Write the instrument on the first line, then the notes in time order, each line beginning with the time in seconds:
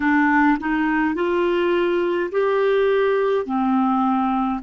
clarinet
0.00 D4
0.60 D#4
1.14 F4
2.31 G4
3.45 C4